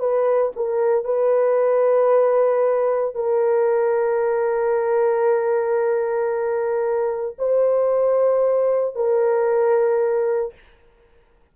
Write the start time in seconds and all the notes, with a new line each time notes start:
0.00 B4
0.56 A#4
1.05 B4
3.15 A#4
7.39 C5
8.95 A#4